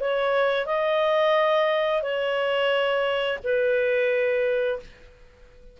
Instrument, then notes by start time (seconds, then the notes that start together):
clarinet
0.00 C#5
0.66 D#5
2.02 C#5
3.43 B4